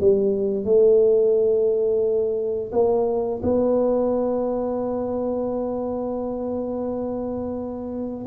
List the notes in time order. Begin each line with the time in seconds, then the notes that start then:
0.00 G3
0.65 A3
2.72 A#3
3.43 B3